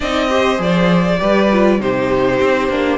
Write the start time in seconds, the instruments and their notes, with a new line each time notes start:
0.00 cello C4, viola D#4, violin D5 D#5
0.29 viola G4, violin C5
0.57 cello F3, viola G#4, violin D5
1.19 cello G3, viola G4, violin B4
1.52 viola F4
1.79 cello C3, viola D#4, violin G4 C5
2.40 cello C4
2.68 cello A#3, viola D4